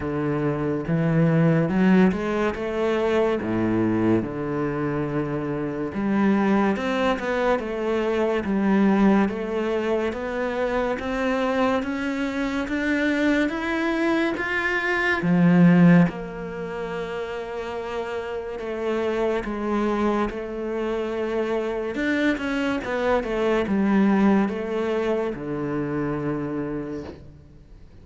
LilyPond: \new Staff \with { instrumentName = "cello" } { \time 4/4 \tempo 4 = 71 d4 e4 fis8 gis8 a4 | a,4 d2 g4 | c'8 b8 a4 g4 a4 | b4 c'4 cis'4 d'4 |
e'4 f'4 f4 ais4~ | ais2 a4 gis4 | a2 d'8 cis'8 b8 a8 | g4 a4 d2 | }